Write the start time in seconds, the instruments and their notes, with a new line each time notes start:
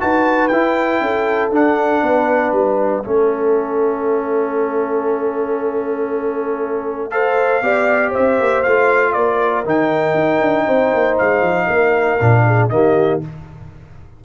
0.00 tuba D#4, trombone F#4, horn B4, trumpet A5
0.48 tuba E4, trombone E4, trumpet G5
1.01 tuba C#4, horn A4
1.52 tuba D4, trombone D4, trumpet F#5
2.03 tuba B3, horn B4
2.52 tuba G3, trumpet E5
3.04 tuba A3, trombone C#4, horn A4
7.11 trombone A4, horn C5, trumpet F5
7.62 tuba B3, trombone G4, horn D5
8.10 horn C5, trumpet E5
8.17 tuba C4
8.40 tuba A#3
8.63 tuba A3, trombone F4, trumpet F5
9.13 tuba A#3, horn A#4, trumpet D5
9.65 tuba D#3, trombone D#4, trumpet G5
10.15 tuba D#4
10.41 tuba D4
10.66 tuba C4, horn C5
10.94 tuba A#3
11.19 tuba G#3, trumpet F5
11.42 tuba F3
11.67 tuba A#3, horn A#4
12.21 tuba A#2, trombone D4
12.46 horn G#4
12.70 tuba D#3, trombone A#3, horn G4, trumpet D#5